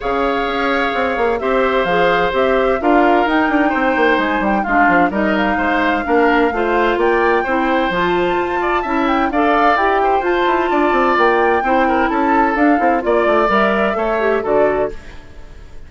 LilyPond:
<<
  \new Staff \with { instrumentName = "flute" } { \time 4/4 \tempo 4 = 129 f''2. e''4 | f''4 e''4 f''4 g''4~ | g''4 gis''8 g''8 f''4 dis''8 f''8~ | f''2. g''4~ |
g''4 a''2~ a''8 g''8 | f''4 g''4 a''2 | g''2 a''4 f''4 | d''4 e''2 d''4 | }
  \new Staff \with { instrumentName = "oboe" } { \time 4/4 cis''2. c''4~ | c''2 ais'2 | c''2 f'4 ais'4 | c''4 ais'4 c''4 d''4 |
c''2~ c''8 d''8 e''4 | d''4. c''4. d''4~ | d''4 c''8 ais'8 a'2 | d''2 cis''4 a'4 | }
  \new Staff \with { instrumentName = "clarinet" } { \time 4/4 gis'2. g'4 | gis'4 g'4 f'4 dis'4~ | dis'2 d'4 dis'4~ | dis'4 d'4 f'2 |
e'4 f'2 e'4 | a'4 g'4 f'2~ | f'4 e'2 d'8 e'8 | f'4 ais'4 a'8 g'8 fis'4 | }
  \new Staff \with { instrumentName = "bassoon" } { \time 4/4 cis4 cis'4 c'8 ais8 c'4 | f4 c'4 d'4 dis'8 d'8 | c'8 ais8 gis8 g8 gis8 f8 g4 | gis4 ais4 a4 ais4 |
c'4 f4 f'4 cis'4 | d'4 e'4 f'8 e'8 d'8 c'8 | ais4 c'4 cis'4 d'8 c'8 | ais8 a8 g4 a4 d4 | }
>>